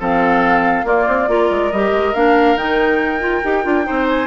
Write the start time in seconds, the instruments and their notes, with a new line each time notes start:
0.00 bassoon F3, clarinet C4, oboe A4, flute F5
0.84 bassoon A#3, clarinet A#3, oboe F4, flute D5
1.08 bassoon C4
1.28 bassoon A#3, clarinet F4, oboe A#4
1.50 bassoon G#3
1.71 bassoon G3, clarinet G4, flute D#5
1.92 bassoon G#3
2.14 bassoon A#3, clarinet D4, flute F5
2.56 bassoon D#3, clarinet D#4, flute G5
3.20 clarinet F4
3.44 bassoon D#4, clarinet G4
3.64 bassoon D4, clarinet F4
3.84 clarinet D#4, oboe C5
3.90 bassoon C4
4.08 flute G#5